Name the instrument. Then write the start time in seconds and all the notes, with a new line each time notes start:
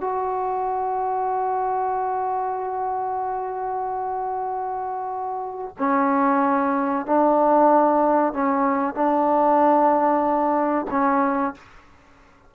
trombone
0.00 F#4
5.78 C#4
7.06 D4
8.33 C#4
8.94 D4
10.90 C#4